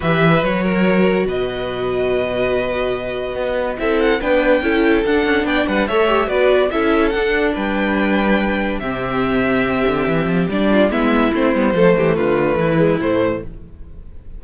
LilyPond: <<
  \new Staff \with { instrumentName = "violin" } { \time 4/4 \tempo 4 = 143 e''4 cis''2 dis''4~ | dis''1~ | dis''4 e''8 fis''8 g''2 | fis''4 g''8 fis''8 e''4 d''4 |
e''4 fis''4 g''2~ | g''4 e''2.~ | e''4 d''4 e''4 c''4~ | c''4 b'2 c''4 | }
  \new Staff \with { instrumentName = "violin" } { \time 4/4 b'4. ais'4. b'4~ | b'1~ | b'4 a'4 b'4 a'4~ | a'4 d''8 b'8 cis''4 b'4 |
a'2 b'2~ | b'4 g'2.~ | g'4. f'8 e'2 | a'8 g'8 f'4 e'2 | }
  \new Staff \with { instrumentName = "viola" } { \time 4/4 g'4 fis'2.~ | fis'1~ | fis'4 e'4 d'4 e'4 | d'2 a'8 g'8 fis'4 |
e'4 d'2.~ | d'4 c'2.~ | c'4 d'4 b4 c'8 b8 | a2~ a8 gis8 a4 | }
  \new Staff \with { instrumentName = "cello" } { \time 4/4 e4 fis2 b,4~ | b,1 | b4 c'4 b4 cis'4 | d'8 cis'8 b8 g8 a4 b4 |
cis'4 d'4 g2~ | g4 c2~ c8 d8 | e8 f8 g4 gis4 a8 g8 | f8 e8 d4 e4 a,4 | }
>>